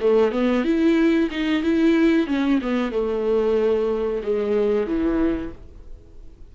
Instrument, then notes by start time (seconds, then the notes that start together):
viola
0.00 A3
0.31 B3
0.64 E4
1.31 D#4
1.62 E4
2.27 C#4
2.61 B3
2.91 A3
4.23 G#3
4.87 E3